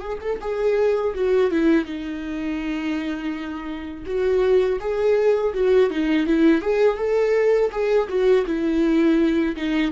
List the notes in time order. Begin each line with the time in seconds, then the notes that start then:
0.00 G#4
0.21 A4
0.41 G#4
1.15 F#4
1.51 E4
1.85 D#4
4.06 F#4
4.80 G#4
5.54 F#4
5.90 D#4
6.26 E4
6.62 G#4
6.97 A4
7.72 G#4
8.09 F#4
8.46 E4
9.56 D#4